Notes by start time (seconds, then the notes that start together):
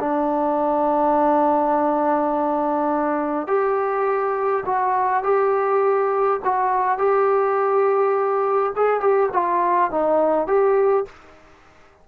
0.00 D4
3.48 G4
4.66 F#4
5.24 G4
6.45 F#4
6.98 G4
8.76 G#4
9.01 G4
9.33 F4
9.91 D#4
10.47 G4